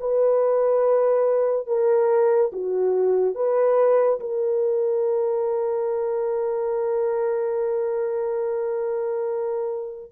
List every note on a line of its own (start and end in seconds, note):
0.00 1.67 B4
1.67 2.51 A#4
2.52 3.35 F#4
3.35 4.19 B4
4.20 10.11 A#4